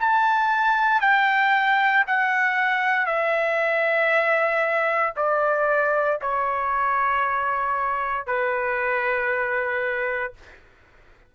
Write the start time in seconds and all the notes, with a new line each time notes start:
0.00 A5
1.01 G5
2.07 F#5
3.07 E5
5.17 D5
6.22 C#5
8.27 B4